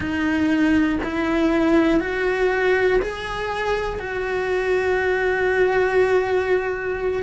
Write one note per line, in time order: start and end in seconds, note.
0.00 0.99 D#4
1.03 2.00 E4
2.00 3.00 F#4
3.01 3.99 G#4
3.99 7.23 F#4